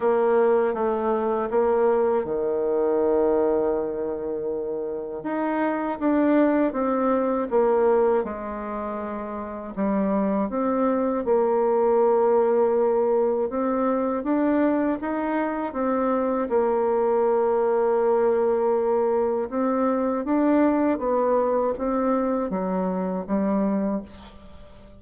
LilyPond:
\new Staff \with { instrumentName = "bassoon" } { \time 4/4 \tempo 4 = 80 ais4 a4 ais4 dis4~ | dis2. dis'4 | d'4 c'4 ais4 gis4~ | gis4 g4 c'4 ais4~ |
ais2 c'4 d'4 | dis'4 c'4 ais2~ | ais2 c'4 d'4 | b4 c'4 fis4 g4 | }